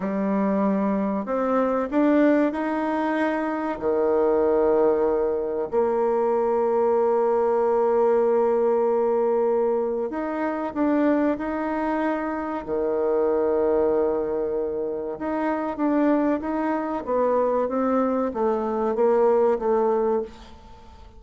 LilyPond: \new Staff \with { instrumentName = "bassoon" } { \time 4/4 \tempo 4 = 95 g2 c'4 d'4 | dis'2 dis2~ | dis4 ais2.~ | ais1 |
dis'4 d'4 dis'2 | dis1 | dis'4 d'4 dis'4 b4 | c'4 a4 ais4 a4 | }